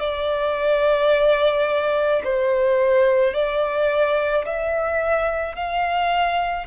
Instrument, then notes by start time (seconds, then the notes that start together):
violin
0.00 D5
2.24 C5
3.34 D5
4.45 E5
5.56 F5